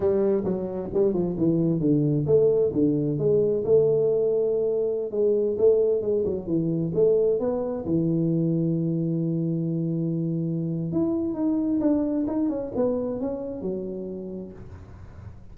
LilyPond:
\new Staff \with { instrumentName = "tuba" } { \time 4/4 \tempo 4 = 132 g4 fis4 g8 f8 e4 | d4 a4 d4 gis4 | a2.~ a16 gis8.~ | gis16 a4 gis8 fis8 e4 a8.~ |
a16 b4 e2~ e8.~ | e1 | e'4 dis'4 d'4 dis'8 cis'8 | b4 cis'4 fis2 | }